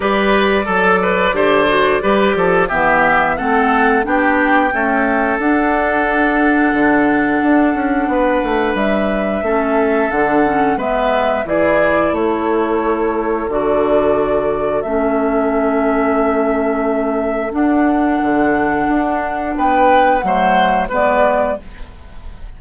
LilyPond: <<
  \new Staff \with { instrumentName = "flute" } { \time 4/4 \tempo 4 = 89 d''1 | e''4 fis''4 g''2 | fis''1~ | fis''4 e''2 fis''4 |
e''4 d''4 cis''2 | d''2 e''2~ | e''2 fis''2~ | fis''4 g''4 fis''4 d''4 | }
  \new Staff \with { instrumentName = "oboe" } { \time 4/4 b'4 a'8 b'8 c''4 b'8 a'8 | g'4 a'4 g'4 a'4~ | a'1 | b'2 a'2 |
b'4 gis'4 a'2~ | a'1~ | a'1~ | a'4 b'4 c''4 b'4 | }
  \new Staff \with { instrumentName = "clarinet" } { \time 4/4 g'4 a'4 g'8 fis'8 g'4 | b4 c'4 d'4 a4 | d'1~ | d'2 cis'4 d'8 cis'8 |
b4 e'2. | fis'2 cis'2~ | cis'2 d'2~ | d'2 a4 b4 | }
  \new Staff \with { instrumentName = "bassoon" } { \time 4/4 g4 fis4 d4 g8 f8 | e4 a4 b4 cis'4 | d'2 d4 d'8 cis'8 | b8 a8 g4 a4 d4 |
gis4 e4 a2 | d2 a2~ | a2 d'4 d4 | d'4 b4 fis4 gis4 | }
>>